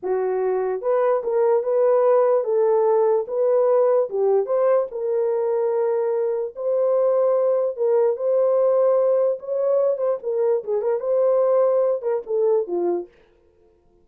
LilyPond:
\new Staff \with { instrumentName = "horn" } { \time 4/4 \tempo 4 = 147 fis'2 b'4 ais'4 | b'2 a'2 | b'2 g'4 c''4 | ais'1 |
c''2. ais'4 | c''2. cis''4~ | cis''8 c''8 ais'4 gis'8 ais'8 c''4~ | c''4. ais'8 a'4 f'4 | }